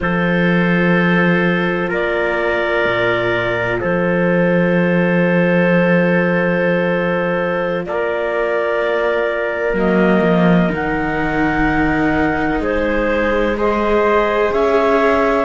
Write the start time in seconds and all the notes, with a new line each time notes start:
0.00 F3 F4 A4 C5
1.88 A#3 A#4 D5
2.85 A#2
3.80 F3 A4 C5
7.85 A#3 A#4 D5
9.73 F#3 A#3 D#5
10.21 F3
10.69 D#3 D#4 F#5
12.59 G#3 G#4 C5
13.57 G#4 C5 D#5
14.52 C#4 C#5 E5